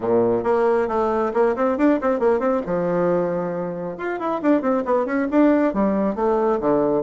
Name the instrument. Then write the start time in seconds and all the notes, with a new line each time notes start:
bassoon
0.00 A#2
0.43 A#3
0.88 A3
1.33 A#3
1.56 C4
1.77 D4
2.01 C4
2.19 A#3
2.39 C4
2.66 F3
3.97 F4
4.19 E4
4.42 D4
4.61 C4
4.85 B3
5.05 C#4
5.31 D4
5.73 G3
6.15 A3
6.60 D3